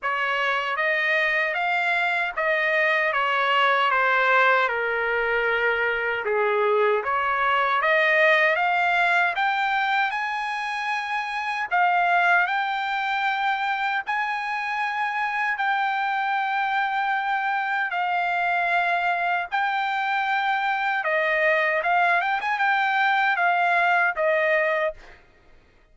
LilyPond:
\new Staff \with { instrumentName = "trumpet" } { \time 4/4 \tempo 4 = 77 cis''4 dis''4 f''4 dis''4 | cis''4 c''4 ais'2 | gis'4 cis''4 dis''4 f''4 | g''4 gis''2 f''4 |
g''2 gis''2 | g''2. f''4~ | f''4 g''2 dis''4 | f''8 g''16 gis''16 g''4 f''4 dis''4 | }